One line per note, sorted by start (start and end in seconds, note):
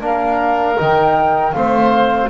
0.00 0.76 A#3
0.00 0.76 D4
0.00 1.56 A#4
0.00 0.79 F5
0.76 1.55 D#3
0.76 1.52 D#4
0.76 1.53 G5
1.53 2.30 A3
1.53 2.30 C4
1.53 2.30 C5
1.53 2.29 F5